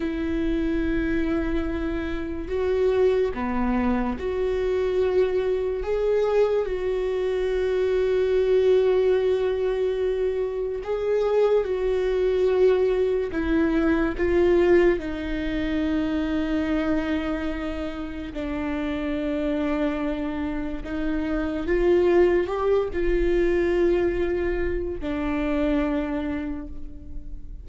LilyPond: \new Staff \with { instrumentName = "viola" } { \time 4/4 \tempo 4 = 72 e'2. fis'4 | b4 fis'2 gis'4 | fis'1~ | fis'4 gis'4 fis'2 |
e'4 f'4 dis'2~ | dis'2 d'2~ | d'4 dis'4 f'4 g'8 f'8~ | f'2 d'2 | }